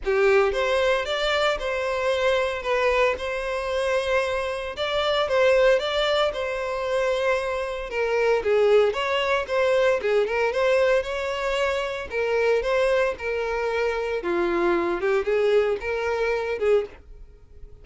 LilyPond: \new Staff \with { instrumentName = "violin" } { \time 4/4 \tempo 4 = 114 g'4 c''4 d''4 c''4~ | c''4 b'4 c''2~ | c''4 d''4 c''4 d''4 | c''2. ais'4 |
gis'4 cis''4 c''4 gis'8 ais'8 | c''4 cis''2 ais'4 | c''4 ais'2 f'4~ | f'8 g'8 gis'4 ais'4. gis'8 | }